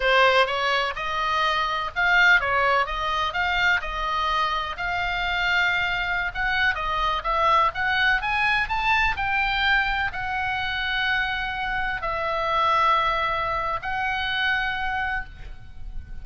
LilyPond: \new Staff \with { instrumentName = "oboe" } { \time 4/4 \tempo 4 = 126 c''4 cis''4 dis''2 | f''4 cis''4 dis''4 f''4 | dis''2 f''2~ | f''4~ f''16 fis''4 dis''4 e''8.~ |
e''16 fis''4 gis''4 a''4 g''8.~ | g''4~ g''16 fis''2~ fis''8.~ | fis''4~ fis''16 e''2~ e''8.~ | e''4 fis''2. | }